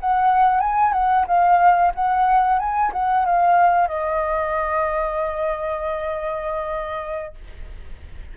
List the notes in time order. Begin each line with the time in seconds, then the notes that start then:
0.00 F#5
0.60 G#5
0.93 F#5
1.27 F5
1.95 F#5
2.59 G#5
2.93 F#5
3.25 F5
3.88 D#5